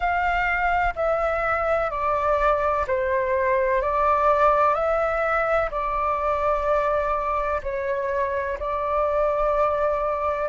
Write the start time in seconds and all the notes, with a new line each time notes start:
0.00 F5
0.95 E5
1.90 D5
2.87 C5
3.81 D5
4.74 E5
5.70 D5
7.62 C#5
8.59 D5